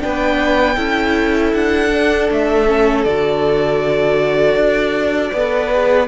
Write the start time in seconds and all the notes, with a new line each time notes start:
0.00 B3 D4 B4 G5
0.76 C#4 E4 A4
1.54 D4 F#5
1.93 D4
2.31 A3 E5
2.68 C#4
3.05 D3 F#4 D5
4.56 D4
5.33 B3 A4 B4
5.72 G#4